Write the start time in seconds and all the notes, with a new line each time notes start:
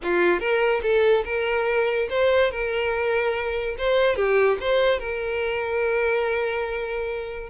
0.03 F4
0.39 A#4
0.82 A4
1.25 A#4
2.09 C5
2.51 A#4
3.77 C5
4.16 G4
4.60 C5
4.99 A#4